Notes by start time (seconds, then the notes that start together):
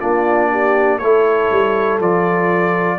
0.00 A#3 D4 F4 D5
0.51 G4
0.98 A3 E4 A4 C#5
1.51 G3
2.00 F3 F4 D5